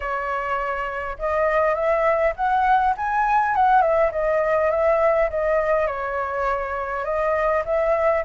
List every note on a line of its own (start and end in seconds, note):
0.00 1.17 C#5
1.18 1.75 D#5
1.75 2.33 E5
2.36 2.94 F#5
2.96 3.55 G#5
3.55 3.81 F#5
3.81 4.10 E5
4.11 4.70 D#5
4.70 5.29 E5
5.30 5.86 D#5
5.86 7.04 C#5
7.04 7.63 D#5
7.65 8.24 E5